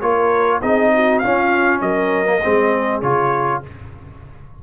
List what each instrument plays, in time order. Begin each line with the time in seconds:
0.00 tuba A#3, trombone F4, horn A#4, trumpet C#5
0.61 tuba C4, trombone D#4, horn G#4, trumpet D#5
0.94 horn F#4
1.18 trombone C#4, tuba C#4, horn F4, trumpet F5
1.81 tuba F#3, horn A#4, trumpet D#5
2.25 trombone A#3
2.42 tuba G#3, trombone C4, horn G#4
3.01 tuba C#3, trombone F4, trumpet C#5